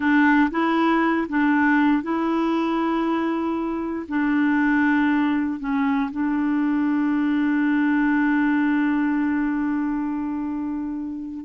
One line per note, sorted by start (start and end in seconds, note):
0.00 0.49 D4
0.51 1.27 E4
1.28 2.02 D4
2.02 4.06 E4
4.08 5.59 D4
5.59 6.10 C#4
6.11 11.45 D4